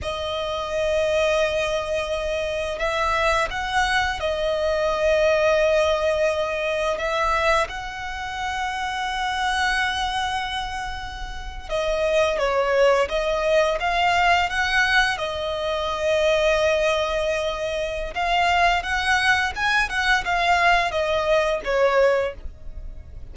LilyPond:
\new Staff \with { instrumentName = "violin" } { \time 4/4 \tempo 4 = 86 dis''1 | e''4 fis''4 dis''2~ | dis''2 e''4 fis''4~ | fis''1~ |
fis''8. dis''4 cis''4 dis''4 f''16~ | f''8. fis''4 dis''2~ dis''16~ | dis''2 f''4 fis''4 | gis''8 fis''8 f''4 dis''4 cis''4 | }